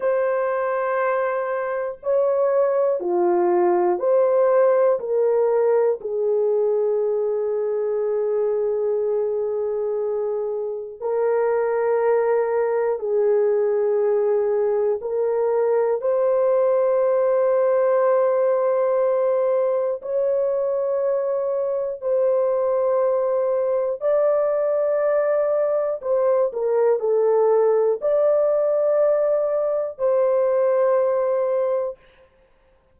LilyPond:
\new Staff \with { instrumentName = "horn" } { \time 4/4 \tempo 4 = 60 c''2 cis''4 f'4 | c''4 ais'4 gis'2~ | gis'2. ais'4~ | ais'4 gis'2 ais'4 |
c''1 | cis''2 c''2 | d''2 c''8 ais'8 a'4 | d''2 c''2 | }